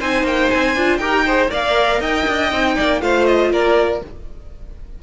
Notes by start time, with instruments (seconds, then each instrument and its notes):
0.00 cello C4, viola D#4, violin C5 G#5
0.23 cello A#3, violin G5
0.51 cello C4, violin G#5
0.76 cello D4, viola F4
0.98 cello D#4, viola G4, violin A#4 G5
1.26 viola G#4, violin C5
1.49 cello A#3, viola A#4, violin D5 F5
2.00 cello D#4, violin D#5 G5
2.28 cello D4
2.52 cello C4, viola D#4
2.76 cello A#3, violin D5
3.01 cello A3, viola F4, violin C5 F5
3.26 violin D#5
3.51 cello A#3, violin A#4 D5